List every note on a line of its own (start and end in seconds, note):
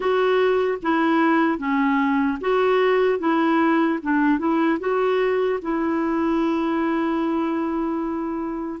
0.00 0.78 F#4
0.82 1.58 E4
1.58 2.38 C#4
2.40 3.19 F#4
3.19 3.99 E4
4.02 4.39 D4
4.39 4.79 E4
4.79 5.59 F#4
5.61 8.80 E4